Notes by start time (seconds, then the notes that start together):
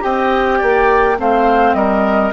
0.00 C4 G4 D#5 G5
0.58 A#3 D5
1.18 A3 C4 C5 F5
1.74 G3 A#4 D#5